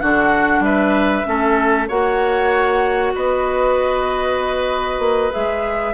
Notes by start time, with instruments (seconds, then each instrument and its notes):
0.00 bassoon D3, clarinet D4, oboe F#4, flute F#5
0.59 bassoon G3, oboe B4, flute E5
1.24 bassoon A3, clarinet C#4, oboe A4
1.88 bassoon A#3, clarinet F#4, oboe C#5, flute F#5
3.14 bassoon B3, oboe B4, flute D#5
4.98 bassoon A#3
5.31 bassoon G#3, clarinet G#4, flute E5